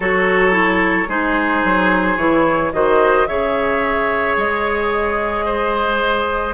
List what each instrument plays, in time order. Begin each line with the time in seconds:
0.00 bassoon F#3, clarinet F#4, oboe A4, flute C#5
0.51 clarinet E4
1.08 bassoon G#3, clarinet D#4, oboe G#4, flute C5
1.64 bassoon F#3
2.17 bassoon E3, clarinet E4, flute C#5
2.72 bassoon D#3, clarinet F#4, oboe C5, flute D#5
3.27 bassoon C#3, clarinet G#4, oboe C#5, flute E5
4.36 bassoon G#3, flute D#5
5.45 oboe C5